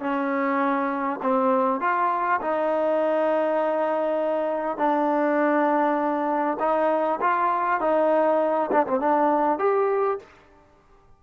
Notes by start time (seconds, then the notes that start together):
0.00 C#4
1.22 C4
1.81 F4
2.41 D#4
4.78 D4
6.60 D#4
7.21 F4
7.81 D#4
8.72 D4
8.87 C4
9.00 D4
9.59 G4